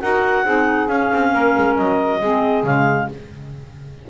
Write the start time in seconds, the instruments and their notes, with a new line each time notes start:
0.00 double bass D#4, clarinet F#4 F#5, saxophone A#4
0.44 double bass C4, clarinet D#4, saxophone G#4
0.88 double bass C#4, clarinet C#4 F5
1.14 double bass C4
1.33 double bass A#3, saxophone A#4
1.57 double bass G#3
1.77 double bass F#3, clarinet D#5
2.21 double bass G#3, clarinet C4, saxophone G#4
2.64 double bass C#3, clarinet G#3 F5